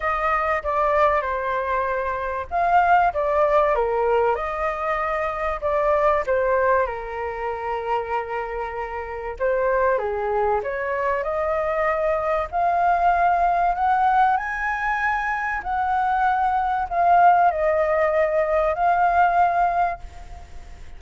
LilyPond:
\new Staff \with { instrumentName = "flute" } { \time 4/4 \tempo 4 = 96 dis''4 d''4 c''2 | f''4 d''4 ais'4 dis''4~ | dis''4 d''4 c''4 ais'4~ | ais'2. c''4 |
gis'4 cis''4 dis''2 | f''2 fis''4 gis''4~ | gis''4 fis''2 f''4 | dis''2 f''2 | }